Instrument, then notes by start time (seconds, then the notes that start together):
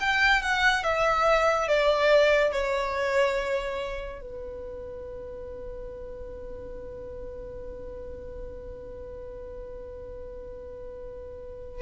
violin
0.00 G5
0.42 F#5
0.84 E5
1.68 D5
2.52 C#5
4.21 B4